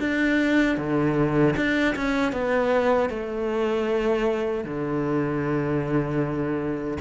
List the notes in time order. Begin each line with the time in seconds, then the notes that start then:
0.00 D4
0.78 D3
1.57 D4
1.96 C#4
2.33 B3
3.10 A3
4.65 D3